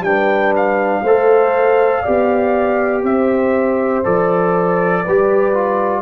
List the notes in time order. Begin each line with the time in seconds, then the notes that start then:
0.00 G3 D4 G5
0.06 B4
0.55 F5
1.02 A3 A4 C5
2.01 B3 G4 D5
3.02 C4 C5 E5
4.04 F3 A4 D5
5.04 G3 G4 B4
5.54 F4